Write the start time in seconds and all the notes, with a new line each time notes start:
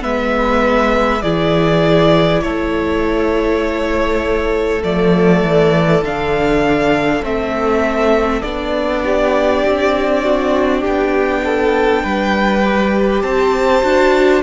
0.00 G#3 B3 B4 E5
1.22 E3 E4 G#4 D5
2.42 A3 A4 C#5
4.82 F3 A3 D5
5.42 E3
6.02 D3 D4 F5
7.22 A3 C4 E5
8.42 B3 D4 D5
9.04 G4
9.65 C4
10.23 F#4
10.81 B3 G4 G5
11.44 A4
12.03 G3 B4
12.63 G4
13.22 C4 C5 A5
13.82 D4 F#4